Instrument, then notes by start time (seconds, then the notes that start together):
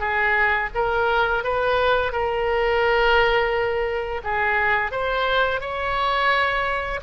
oboe
0.00 G#4
0.75 A#4
1.44 B4
2.12 A#4
4.24 G#4
4.92 C5
5.61 C#5